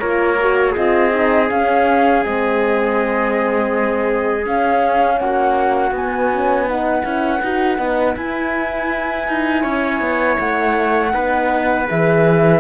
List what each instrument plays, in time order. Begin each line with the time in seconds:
0.00 cello A#3, horn F4, trumpet A#4, flute C#5
0.40 horn F#4
0.72 cello C4, horn F4, trumpet G#4, flute D#5
1.11 horn D#4
1.49 horn C#4, cello C#4, flute F5
2.21 cello G#3, horn C4, flute D#5
4.45 horn C#4, cello C#4, flute F5
5.19 cello A#3, trumpet F#4, flute F#5
5.91 cello B3, horn B3, flute G#5
6.32 horn C#4
6.67 horn D#4, trumpet B4, flute F#5
7.03 cello C#4, horn E4
7.42 cello D#4, horn F#4
7.78 cello B3, horn D#4
8.16 horn E4, cello E4, flute G#5
9.27 cello D#4
9.62 cello C#4, trumpet C#5
10.00 cello B3
10.39 cello A3, flute F#5
11.13 cello B3, horn D#4, trumpet B4
11.87 cello E3, horn G#4, flute E5